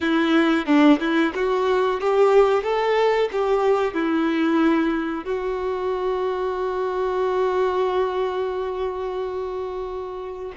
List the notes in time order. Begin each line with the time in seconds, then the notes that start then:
0.00 E4
0.66 D4
0.99 E4
1.34 F#4
2.00 G4
2.63 A4
3.32 G4
3.94 E4
5.24 F#4